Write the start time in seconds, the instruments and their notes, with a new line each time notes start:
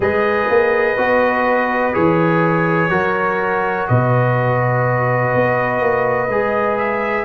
0.00 tuba G#3, trombone G#4, horn B4, trumpet D#5
0.49 tuba A#3
0.97 tuba B3, trombone F#4
1.93 tuba E3, trombone G#4, trumpet C#5
2.89 tuba F#3, trombone F#4, horn A#4
3.88 tuba B2, horn B4, trumpet D#5
5.34 tuba B3
5.81 tuba A#3
6.28 tuba G#3, trombone G#4
6.77 trumpet E5